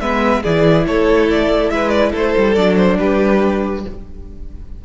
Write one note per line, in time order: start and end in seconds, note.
0.00 0.43 G#3
0.00 0.44 B3
0.00 0.42 B4
0.00 0.43 E5
0.42 0.86 E3
0.42 2.56 E4
0.42 0.84 G#4
0.42 0.86 D5
0.86 1.70 A3
0.86 1.72 A4
0.86 1.28 C#5
1.30 1.70 D5
1.70 2.12 G#3
1.70 2.12 B4
1.70 1.89 E5
1.89 2.10 D5
2.12 2.34 A3
2.12 2.97 A4
2.12 2.54 C5
2.37 2.56 G3
2.54 2.98 F#3
2.54 3.83 D4
2.54 2.75 D5
2.76 2.97 C5
2.98 3.85 G3
2.98 3.84 G4
2.98 3.83 B4